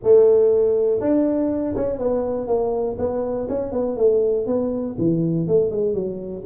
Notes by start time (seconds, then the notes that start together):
0.03 A3
1.00 D4
1.75 C#4
1.98 B3
2.47 A#3
2.98 B3
3.48 C#4
3.72 B3
3.97 A3
4.46 B3
4.98 E3
5.47 A3
5.70 G#3
5.94 F#3